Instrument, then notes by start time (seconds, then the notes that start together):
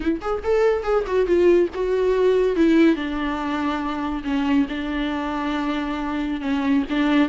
viola
0.00 E4
0.21 G#4
0.43 A4
0.83 G#4
1.06 F#4
1.26 F4
1.74 F#4
2.56 E4
2.95 D4
4.24 C#4
4.68 D4
6.40 C#4
6.90 D4